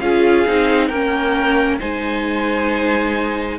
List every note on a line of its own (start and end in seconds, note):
0.00 0.45 C#4
0.00 0.47 F4
0.00 0.89 G#4
0.00 0.88 F5
0.47 0.90 C4
0.47 0.92 D#4
0.88 1.80 A#3
0.88 1.80 C#4
0.88 1.79 A#4
0.88 1.78 G5
1.79 3.59 G#3
1.79 3.59 D#4
1.79 3.58 C5
1.79 3.59 G#5